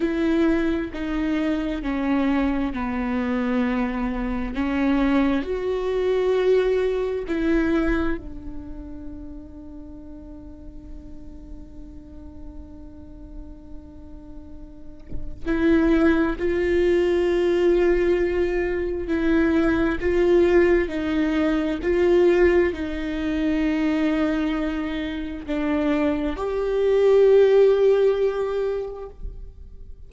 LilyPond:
\new Staff \with { instrumentName = "viola" } { \time 4/4 \tempo 4 = 66 e'4 dis'4 cis'4 b4~ | b4 cis'4 fis'2 | e'4 d'2.~ | d'1~ |
d'4 e'4 f'2~ | f'4 e'4 f'4 dis'4 | f'4 dis'2. | d'4 g'2. | }